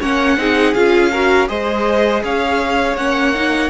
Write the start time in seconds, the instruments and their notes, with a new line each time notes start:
0.00 cello A#3, viola C#4, violin C#5 F#5
0.37 cello C4, viola D#4, violin G#4
0.74 cello C#4, viola F4, violin F5
1.11 viola F#4, violin A#4
1.47 cello G#3, viola G#4, violin C5 D#5
2.23 cello C#4, violin C#5 F5
2.96 cello A#3, viola C#4, violin F#5
3.34 viola D#4